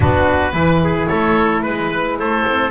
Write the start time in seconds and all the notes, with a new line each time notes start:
0.00 B3 D4 F#4 B4
0.51 E3 E4 B4
0.84 G#4
1.07 A3 A4 C#5
1.62 G#3 B4
2.19 A3 A4 C5
2.47 C4